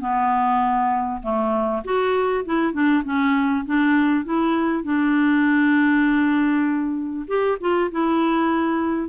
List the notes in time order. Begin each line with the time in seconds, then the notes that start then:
0.00 B3
1.23 A3
1.84 F#4
2.45 E4
2.73 D4
3.04 C#4
3.66 D4
4.25 E4
4.83 D4
7.28 G4
7.60 F4
7.91 E4